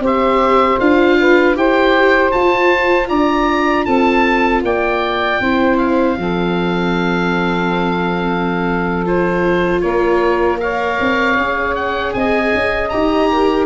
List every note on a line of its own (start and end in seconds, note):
0.00 0.77 C4
0.00 0.80 G4
0.00 1.18 C5
0.07 0.80 E5
0.80 1.56 D4
0.80 1.56 F4
0.80 1.57 F5
1.20 1.58 B4
1.56 2.33 E4
1.56 2.33 G4
1.56 3.08 C5
1.56 2.32 G5
2.32 3.10 F4
2.32 5.43 F4
2.32 3.08 A5
3.08 3.87 D4
3.08 3.85 D5
3.08 3.86 A#5
3.86 4.63 C4
3.86 4.63 A4
3.86 4.63 A5
4.63 5.40 A#3
4.63 5.41 D5
4.63 5.78 G5
5.41 6.17 C4
5.41 6.19 E4
5.41 6.18 C5
5.78 9.05 F5
6.17 9.83 F3
6.17 9.06 C4
6.17 9.83 A4
9.06 10.58 F4
9.06 9.81 C5
9.81 10.99 A#3
9.81 10.60 A#4
9.81 10.58 C#5
10.58 11.35 A#4
10.58 12.15 C#5
10.58 11.75 F5
11.00 11.37 C4
11.37 12.14 C#4
11.37 12.92 G#4
11.75 12.13 F#5
12.13 12.53 C4
12.13 13.30 D#5
12.13 12.89 G#5
12.54 12.93 C#4
12.89 13.66 D#4
12.89 13.66 G4
12.89 13.66 A#5
13.30 13.66 A#4